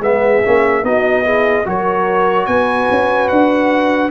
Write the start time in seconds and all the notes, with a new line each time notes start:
0.00 G#3 B3 G#4 E5
0.44 A#3 C#4
0.83 B3 D#4 F#4 D#5
1.24 E4 G#4
1.66 F#3 F#4 A#4 C#5
2.46 B3 B4 G#5
2.91 C#4
3.28 D4 F#5